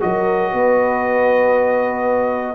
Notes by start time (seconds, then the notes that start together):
0.00 F#3 F#4 A#4 D#5
0.53 B3 B4